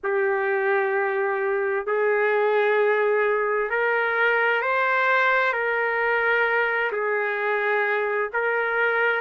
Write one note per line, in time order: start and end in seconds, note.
0.03 1.86 G4
1.86 3.70 G#4
3.70 4.62 A#4
4.62 5.52 C5
5.52 6.91 A#4
6.92 8.30 G#4
8.33 9.21 A#4